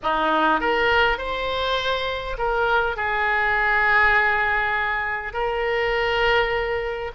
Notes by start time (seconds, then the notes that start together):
0.02 D#4
0.60 A#4
1.17 C5
2.38 A#4
2.96 G#4
5.33 A#4